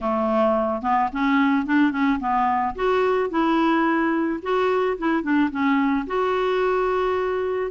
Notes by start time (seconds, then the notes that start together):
0.00 A3
0.82 B3
1.12 C#4
1.66 D4
1.91 C#4
2.19 B3
2.75 F#4
3.30 E4
4.42 F#4
4.98 E4
5.22 D4
5.50 C#4
6.06 F#4